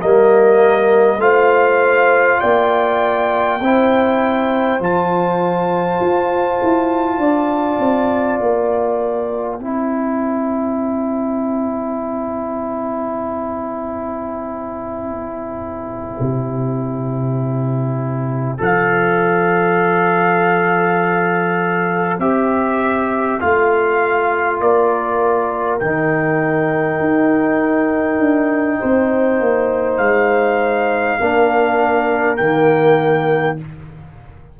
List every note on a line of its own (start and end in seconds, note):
0.00 1.18 G3
0.00 1.20 A#3
0.00 1.20 A#4
0.00 1.21 D#5
1.18 2.38 A3
1.18 3.60 F4
1.18 2.40 C5
1.18 2.41 F5
2.40 3.61 A#3
2.40 3.60 D5
2.40 4.81 G5
3.60 4.80 C4
3.60 4.80 E4
3.60 7.21 C5
4.80 6.00 F3
4.80 9.60 F4
4.80 8.40 A5
6.00 6.60 F4
6.63 7.18 E4
7.18 7.78 D4
7.18 9.60 D5
7.79 8.39 C4
8.40 9.59 A#3
8.40 18.60 G5
9.59 16.19 C4
9.59 18.58 E4
9.59 24.60 C5
16.21 18.61 C3
18.58 22.19 F3
18.58 22.18 A4
18.58 22.20 F5
22.19 23.39 C4
22.19 23.41 G4
22.19 23.40 E5
23.41 24.61 A3
23.41 25.81 F4
23.41 24.61 F5
24.61 25.80 A#3
24.61 28.79 A#4
24.61 25.80 D5
25.80 27.00 D#3
25.80 31.21 D#4
25.80 29.98 G5
27.00 28.19 D#4
28.19 28.79 D4
28.79 29.40 C4
28.79 31.19 C5
29.40 29.99 A#3
29.98 31.19 G#3
29.98 32.37 F5
31.20 32.40 A#3
31.20 32.38 D4
31.20 33.60 A#4
32.37 33.60 D#3
32.37 33.59 A#3
32.37 33.57 G5